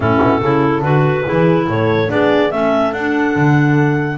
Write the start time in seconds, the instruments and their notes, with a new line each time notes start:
0.00 double bass A2, clarinet C#4 A4, horn E4
0.22 double bass B2
0.40 double bass C#3, clarinet E4, horn A4
0.81 double bass D3, clarinet F#4 B4
1.24 clarinet E4, horn G#4
1.31 double bass E3
1.67 double bass A2, horn A4, clarinet C#5
2.07 double bass B3, clarinet D4 D5, horn G#4
2.51 double bass A3, clarinet C#4 E5, horn A4
2.92 double bass D4, clarinet D4 F#5
3.35 double bass D3